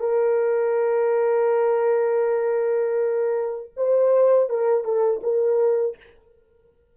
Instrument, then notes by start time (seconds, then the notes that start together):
horn
0.00 A#4
3.77 C5
4.49 A#4
4.84 A4
5.23 A#4